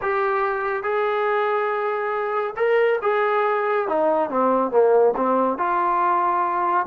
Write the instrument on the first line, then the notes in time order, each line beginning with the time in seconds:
trombone
0.01 G4
0.83 G#4
2.56 A#4
3.02 G#4
3.88 D#4
4.30 C4
4.71 A#3
5.16 C4
5.58 F4